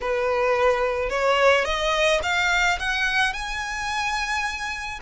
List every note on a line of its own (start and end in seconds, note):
0.00 1.09 B4
1.09 1.64 C#5
1.64 2.20 D#5
2.22 2.78 F5
2.79 3.33 F#5
3.33 4.99 G#5